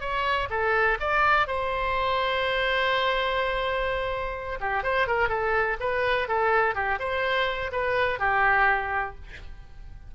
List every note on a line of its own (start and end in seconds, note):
0.00 0.48 C#5
0.50 0.98 A4
0.99 1.47 D5
1.47 4.59 C5
4.60 4.83 G4
4.83 5.07 C5
5.07 5.28 A#4
5.28 5.76 A4
5.79 6.27 B4
6.27 6.74 A4
6.74 6.98 G4
6.99 7.71 C5
7.71 8.19 B4
8.19 9.15 G4